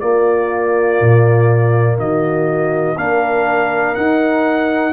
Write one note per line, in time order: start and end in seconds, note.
0.00 2.96 A#3
0.00 1.00 A#3
0.00 1.98 F4
0.00 1.97 D5
1.01 1.98 A#2
1.98 2.96 D#3
1.98 2.97 F#4
1.98 2.98 D#5
2.97 3.95 A#3
2.97 3.95 D4
2.97 4.93 A#4
2.97 3.95 F5
3.95 4.93 D#4
3.95 4.93 F#5